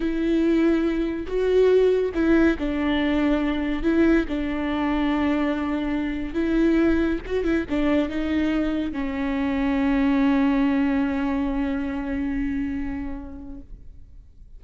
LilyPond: \new Staff \with { instrumentName = "viola" } { \time 4/4 \tempo 4 = 141 e'2. fis'4~ | fis'4 e'4 d'2~ | d'4 e'4 d'2~ | d'2. e'4~ |
e'4 fis'8 e'8 d'4 dis'4~ | dis'4 cis'2.~ | cis'1~ | cis'1 | }